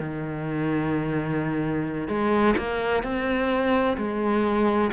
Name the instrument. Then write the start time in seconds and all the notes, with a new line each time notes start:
cello
0.00 D#3
2.08 G#3
2.58 A#3
3.03 C4
3.97 G#3